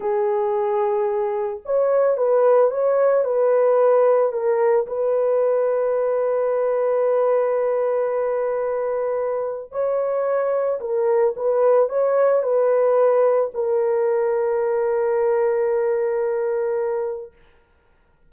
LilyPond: \new Staff \with { instrumentName = "horn" } { \time 4/4 \tempo 4 = 111 gis'2. cis''4 | b'4 cis''4 b'2 | ais'4 b'2.~ | b'1~ |
b'2 cis''2 | ais'4 b'4 cis''4 b'4~ | b'4 ais'2.~ | ais'1 | }